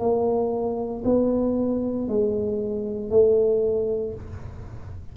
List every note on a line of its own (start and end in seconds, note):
0.00 1.03 A#3
1.05 2.09 B3
2.09 3.11 G#3
3.11 4.14 A3